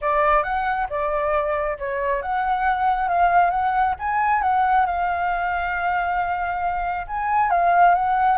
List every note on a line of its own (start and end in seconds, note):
0.01 0.43 D5
0.43 0.87 F#5
0.89 1.78 D5
1.78 2.22 C#5
2.22 3.08 F#5
3.08 3.50 F5
3.50 3.94 F#5
3.99 4.41 G#5
4.41 4.85 F#5
4.85 7.06 F5
7.07 7.50 G#5
7.50 7.94 F5
7.94 8.37 F#5